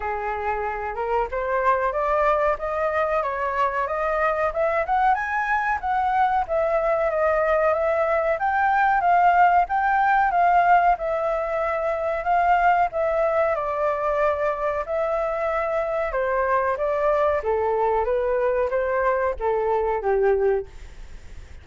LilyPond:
\new Staff \with { instrumentName = "flute" } { \time 4/4 \tempo 4 = 93 gis'4. ais'8 c''4 d''4 | dis''4 cis''4 dis''4 e''8 fis''8 | gis''4 fis''4 e''4 dis''4 | e''4 g''4 f''4 g''4 |
f''4 e''2 f''4 | e''4 d''2 e''4~ | e''4 c''4 d''4 a'4 | b'4 c''4 a'4 g'4 | }